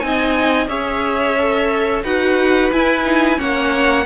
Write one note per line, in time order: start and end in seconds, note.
0.00 0.68 C4
0.00 0.68 D#4
0.00 0.67 G#5
0.06 0.69 D#5
0.68 2.03 C#4
0.68 1.36 G#4
0.68 2.04 C#5
0.68 2.03 E5
1.39 2.04 A4
2.04 2.71 D#4
2.04 2.71 F#4
2.04 3.38 B4
2.04 2.72 F#5
2.72 3.04 E4
2.72 3.40 E4
2.72 3.40 G#5
3.04 3.36 D#4
3.36 4.06 A#3
3.36 4.03 C#4
3.36 4.05 C#5
3.36 4.06 F#5